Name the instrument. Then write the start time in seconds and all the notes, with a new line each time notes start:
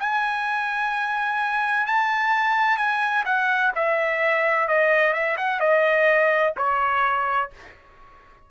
trumpet
0.00 G#5
1.87 A5
2.77 G#5
3.26 F#5
3.76 E5
4.68 D#5
5.13 E5
5.38 F#5
5.60 D#5
6.57 C#5